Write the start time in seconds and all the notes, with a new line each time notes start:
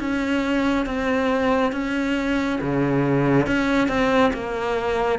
0.00 C#4
0.86 C4
1.72 C#4
2.61 C#3
3.47 C#4
3.88 C4
4.34 A#3